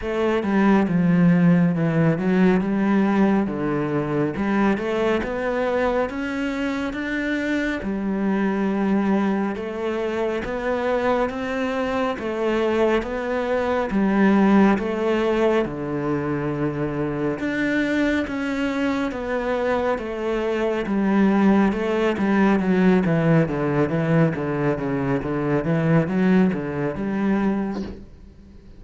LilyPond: \new Staff \with { instrumentName = "cello" } { \time 4/4 \tempo 4 = 69 a8 g8 f4 e8 fis8 g4 | d4 g8 a8 b4 cis'4 | d'4 g2 a4 | b4 c'4 a4 b4 |
g4 a4 d2 | d'4 cis'4 b4 a4 | g4 a8 g8 fis8 e8 d8 e8 | d8 cis8 d8 e8 fis8 d8 g4 | }